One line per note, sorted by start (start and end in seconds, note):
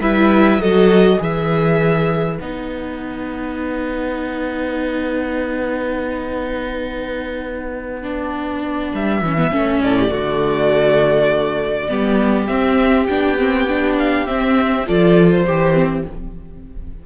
0.00 0.58 G3
0.00 0.61 E4
0.00 0.60 B4
0.00 0.61 E5
0.58 1.17 F#3
0.58 1.18 F#4
0.58 1.19 A4
0.58 1.20 D#5
1.18 2.39 E3
1.18 2.37 G#4
1.18 9.80 B4
1.18 2.39 E5
2.39 8.93 B3
2.39 8.02 D#4
2.39 8.92 F#5
8.02 9.21 D4
8.93 9.22 G3
8.93 9.81 E5
9.22 9.51 E3
9.22 9.37 C#4
9.37 9.51 B3
9.51 9.81 A3
9.51 10.09 C#4
9.81 10.11 A2
9.81 9.98 A4
9.81 12.46 D5
9.99 10.11 G4
10.09 11.89 D3
10.09 11.87 A3
10.09 11.89 F#4
11.88 12.48 G3
11.88 12.48 B3
11.88 14.86 G4
12.46 13.08 C4
12.46 13.06 E5
13.07 14.28 B3
13.07 13.38 D4
13.07 13.96 G5
13.38 13.68 C4
13.68 14.27 D4
13.99 14.27 F5
14.27 14.86 C4
14.27 14.88 C4
14.27 14.86 E5
14.86 15.46 F3
14.86 15.46 F4
14.86 15.45 A4
14.86 15.31 D5
15.31 16.05 C5
15.45 16.06 E3
15.45 16.04 G4
15.45 15.74 G4
15.74 16.03 C4